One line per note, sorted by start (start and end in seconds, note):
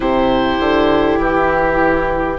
0.00 0.58 C3
0.00 2.38 E4
0.00 2.39 G4
0.00 1.19 C5
0.59 1.18 D3
1.18 2.38 E3
1.18 2.39 G4